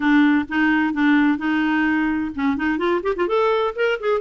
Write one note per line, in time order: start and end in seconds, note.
0.00 0.45 D4
0.49 0.93 D#4
0.93 1.37 D4
1.37 2.31 D#4
2.35 2.57 C#4
2.57 2.77 D#4
2.77 3.01 F4
3.02 3.14 G4
3.16 3.27 F4
3.27 3.74 A4
3.75 3.99 A#4
4.00 4.21 G#4